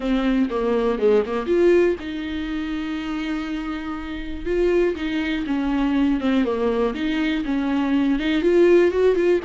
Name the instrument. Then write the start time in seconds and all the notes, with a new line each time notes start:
viola
0.00 C4
0.50 A#3
0.98 G#3
1.25 A#3
1.46 F4
1.99 D#4
4.45 F4
4.95 D#4
5.46 C#4
6.20 C4
6.44 A#3
6.94 D#4
7.44 C#4
8.19 D#4
8.42 F4
8.91 F#4
9.15 F4